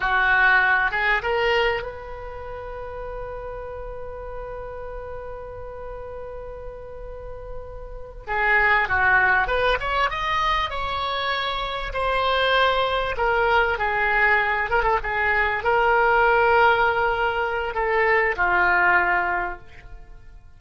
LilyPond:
\new Staff \with { instrumentName = "oboe" } { \time 4/4 \tempo 4 = 98 fis'4. gis'8 ais'4 b'4~ | b'1~ | b'1~ | b'4. gis'4 fis'4 b'8 |
cis''8 dis''4 cis''2 c''8~ | c''4. ais'4 gis'4. | ais'16 a'16 gis'4 ais'2~ ais'8~ | ais'4 a'4 f'2 | }